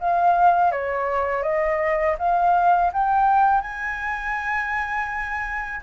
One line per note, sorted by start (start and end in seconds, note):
0.00 0.72 F5
0.72 1.43 C#5
1.43 2.16 D#5
2.18 2.91 F5
2.93 3.62 G5
3.62 5.81 G#5